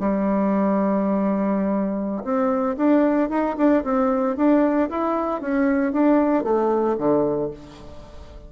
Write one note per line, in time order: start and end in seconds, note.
0.00 2.24 G3
2.24 2.77 C4
2.77 3.30 D4
3.30 3.56 D#4
3.57 3.84 D4
3.84 4.37 C4
4.37 4.90 D4
4.90 5.41 E4
5.41 5.93 C#4
5.93 6.44 D4
6.44 6.97 A3
6.98 7.51 D3